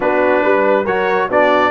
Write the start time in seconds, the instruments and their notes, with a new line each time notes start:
0.00 tuba B3, trombone D4, horn F#4, trumpet B4
0.42 tuba G3, horn B4
0.84 tuba F#3, trombone F#4, horn A#4, trumpet C#5
1.29 tuba B3, trombone D4, horn F#4, trumpet D5